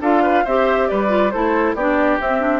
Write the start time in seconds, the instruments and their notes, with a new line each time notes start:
0.00 bassoon D4, clarinet F4, oboe A4, flute F5
0.23 oboe B4
0.44 bassoon C4, clarinet G4, oboe C5, flute E5
0.88 bassoon G3, oboe B4, flute D5
1.08 clarinet F4
1.30 bassoon A3, clarinet E4, oboe A4, flute C5
1.74 bassoon B3, clarinet D4, oboe G4, flute D5
2.20 bassoon C4, clarinet C4, flute E5
2.40 clarinet D4